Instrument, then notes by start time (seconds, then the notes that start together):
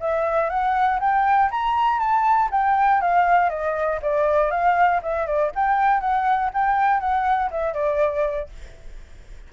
flute
0.00 E5
0.50 F#5
1.00 G5
1.51 A#5
1.99 A5
2.51 G5
3.01 F5
3.49 D#5
4.02 D5
4.51 F5
5.02 E5
5.26 D5
5.55 G5
6.00 F#5
6.54 G5
7.00 F#5
7.51 E5
7.73 D5